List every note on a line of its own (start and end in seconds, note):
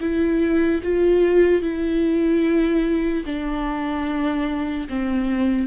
0.00 0.81 E4
0.83 1.62 F4
1.62 3.24 E4
3.25 4.88 D4
4.89 5.67 C4